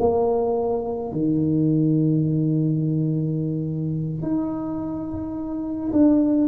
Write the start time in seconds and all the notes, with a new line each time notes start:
0.00 A#3
1.12 D#3
4.22 D#4
5.93 D4